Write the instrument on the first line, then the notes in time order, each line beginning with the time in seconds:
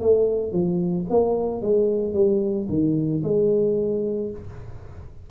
tuba
0.00 A3
0.52 F3
1.09 A#3
1.61 G#3
2.13 G3
2.68 D#3
3.23 G#3